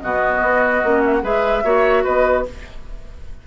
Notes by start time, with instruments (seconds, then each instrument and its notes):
0.00 bassoon B2, clarinet B3, oboe F#4, flute D#5
0.41 bassoon B3
0.83 bassoon A#3, clarinet C#4
1.05 flute E5
1.13 flute F#5
1.22 bassoon G#3, clarinet G#4, oboe B4, flute E5
1.64 bassoon A#3, clarinet F#4, oboe C#5
2.03 bassoon B3, oboe B4, flute D#5